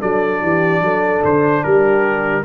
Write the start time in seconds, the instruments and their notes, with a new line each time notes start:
0.00 tuba F#3, trombone D4, horn A4, trumpet D5
0.42 tuba E3, horn G4
0.82 tuba F#3, horn A4
1.24 tuba D3, trumpet C5
1.64 tuba G3, horn G4, trumpet A#4